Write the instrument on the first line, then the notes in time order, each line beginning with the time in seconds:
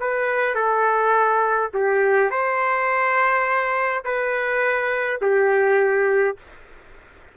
trumpet
0.00 B4
0.55 A4
1.74 G4
2.30 C5
4.04 B4
5.21 G4